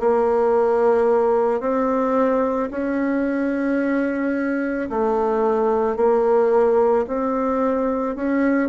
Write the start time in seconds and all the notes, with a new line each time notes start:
0.00 A#3
1.61 C4
2.71 C#4
4.90 A3
5.97 A#3
7.08 C4
8.16 C#4